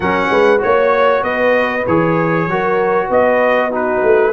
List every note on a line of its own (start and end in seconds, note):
0.00 0.28 F#3
0.00 0.58 C#4
0.00 0.30 A#4
0.00 0.61 F#5
0.29 0.60 G#3
0.29 0.61 B4
0.58 1.82 F#4
0.58 1.23 C#5
0.64 1.22 A#3
1.22 1.84 B3
1.22 2.47 B4
1.22 1.85 D#5
1.86 2.47 E3
1.86 2.50 G#4
1.86 3.10 C#5
2.47 3.09 F#3
2.47 3.71 F#4
2.47 3.06 A#4
3.06 4.02 B3
3.06 3.68 B4
3.06 3.73 D#5
3.69 4.32 D#4
3.69 4.31 F#4
3.69 4.32 B4
4.03 4.32 A3